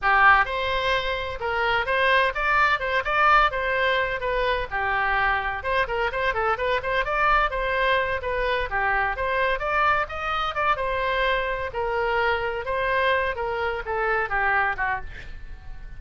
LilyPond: \new Staff \with { instrumentName = "oboe" } { \time 4/4 \tempo 4 = 128 g'4 c''2 ais'4 | c''4 d''4 c''8 d''4 c''8~ | c''4 b'4 g'2 | c''8 ais'8 c''8 a'8 b'8 c''8 d''4 |
c''4. b'4 g'4 c''8~ | c''8 d''4 dis''4 d''8 c''4~ | c''4 ais'2 c''4~ | c''8 ais'4 a'4 g'4 fis'8 | }